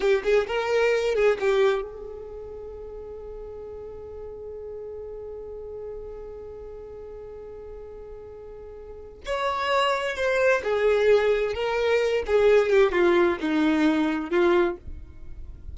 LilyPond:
\new Staff \with { instrumentName = "violin" } { \time 4/4 \tempo 4 = 130 g'8 gis'8 ais'4. gis'8 g'4 | gis'1~ | gis'1~ | gis'1~ |
gis'1 | cis''2 c''4 gis'4~ | gis'4 ais'4. gis'4 g'8 | f'4 dis'2 f'4 | }